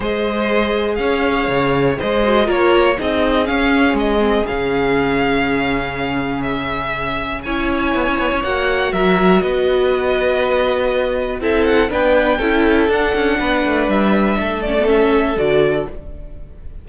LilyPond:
<<
  \new Staff \with { instrumentName = "violin" } { \time 4/4 \tempo 4 = 121 dis''2 f''2 | dis''4 cis''4 dis''4 f''4 | dis''4 f''2.~ | f''4 e''2 gis''4~ |
gis''4 fis''4 e''4 dis''4~ | dis''2. e''8 fis''8 | g''2 fis''2 | e''4. d''8 e''4 d''4 | }
  \new Staff \with { instrumentName = "violin" } { \time 4/4 c''2 cis''2 | c''4 ais'4 gis'2~ | gis'1~ | gis'2. cis''4~ |
cis''2 ais'4 b'4~ | b'2. a'4 | b'4 a'2 b'4~ | b'4 a'2. | }
  \new Staff \with { instrumentName = "viola" } { \time 4/4 gis'1~ | gis'8 fis'8 f'4 dis'4 cis'4~ | cis'8 c'8 cis'2.~ | cis'2. e'4~ |
e'4 fis'2.~ | fis'2. e'4 | d'4 e'4 d'2~ | d'4. cis'16 b16 cis'4 fis'4 | }
  \new Staff \with { instrumentName = "cello" } { \time 4/4 gis2 cis'4 cis4 | gis4 ais4 c'4 cis'4 | gis4 cis2.~ | cis2. cis'4 |
b16 cis'16 b16 cis'16 ais4 fis4 b4~ | b2. c'4 | b4 cis'4 d'8 cis'8 b8 a8 | g4 a2 d4 | }
>>